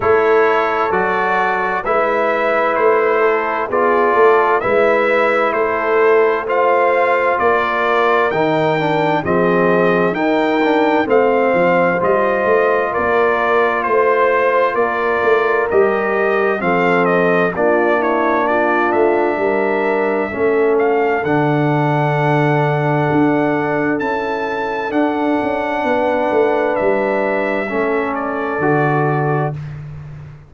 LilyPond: <<
  \new Staff \with { instrumentName = "trumpet" } { \time 4/4 \tempo 4 = 65 cis''4 d''4 e''4 c''4 | d''4 e''4 c''4 f''4 | d''4 g''4 dis''4 g''4 | f''4 dis''4 d''4 c''4 |
d''4 dis''4 f''8 dis''8 d''8 cis''8 | d''8 e''2 f''8 fis''4~ | fis''2 a''4 fis''4~ | fis''4 e''4. d''4. | }
  \new Staff \with { instrumentName = "horn" } { \time 4/4 a'2 b'4. a'8 | gis'8 a'8 b'4 a'4 c''4 | ais'2 gis'4 ais'4 | c''2 ais'4 c''4 |
ais'2 a'4 f'8 e'8 | f'4 ais'4 a'2~ | a'1 | b'2 a'2 | }
  \new Staff \with { instrumentName = "trombone" } { \time 4/4 e'4 fis'4 e'2 | f'4 e'2 f'4~ | f'4 dis'8 d'8 c'4 dis'8 d'8 | c'4 f'2.~ |
f'4 g'4 c'4 d'4~ | d'2 cis'4 d'4~ | d'2 e'4 d'4~ | d'2 cis'4 fis'4 | }
  \new Staff \with { instrumentName = "tuba" } { \time 4/4 a4 fis4 gis4 a4 | b8 a8 gis4 a2 | ais4 dis4 f4 dis'4 | a8 f8 g8 a8 ais4 a4 |
ais8 a8 g4 f4 ais4~ | ais8 a8 g4 a4 d4~ | d4 d'4 cis'4 d'8 cis'8 | b8 a8 g4 a4 d4 | }
>>